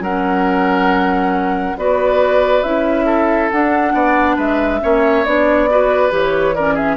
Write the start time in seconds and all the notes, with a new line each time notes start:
0.00 F#3 C#4 A#4 F#5
1.77 B3 F#4 B4 D5
2.63 C#4 E4 E5
3.06 A4
3.51 D4 F#5
3.93 B3 D5
4.36 G#3 B4 E5
4.82 A#3 C#4 C#5
5.25 B3 D4 D5
5.70 F#4 B4
6.10 E3 G4 C#5
6.55 C#4 A#4 D5
6.74 G#4 E5